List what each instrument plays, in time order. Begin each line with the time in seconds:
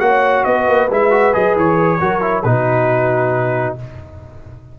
0.00 tuba A#3, trombone F#4, horn C#5, trumpet F#5
0.44 tuba B3, horn B4, trumpet D#5
0.68 tuba A#3
0.91 tuba G#3, trombone E4, trumpet E5
1.11 trombone F#4
1.33 tuba F#3, trombone G#4, trumpet D#5
1.56 tuba E3, trumpet C#5
2.01 tuba F#3, trombone F#4, horn A#4
2.22 trombone E4
2.43 tuba B2, trombone D#4, horn F#4, trumpet B4